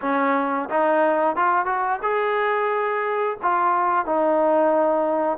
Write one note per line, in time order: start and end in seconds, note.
0.01 0.69 C#4
0.69 1.35 D#4
1.35 1.65 F4
1.65 1.99 F#4
2.02 3.37 G#4
3.42 4.05 F4
4.05 5.38 D#4